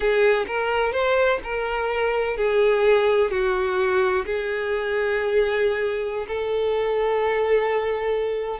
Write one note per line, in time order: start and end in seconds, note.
0.00 0.46 G#4
0.47 0.92 A#4
0.92 1.39 C5
1.43 2.36 A#4
2.36 3.30 G#4
3.30 4.25 F#4
4.25 6.26 G#4
6.27 8.59 A4